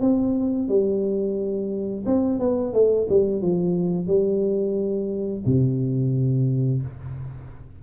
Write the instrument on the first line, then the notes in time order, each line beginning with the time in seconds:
tuba
0.00 C4
0.68 G3
2.05 C4
2.39 B3
2.73 A3
3.09 G3
3.41 F3
4.07 G3
5.45 C3